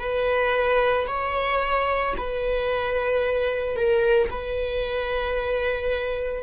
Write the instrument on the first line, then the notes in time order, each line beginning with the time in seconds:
viola
0.00 B4
1.07 C#5
2.18 B4
3.76 A#4
4.31 B4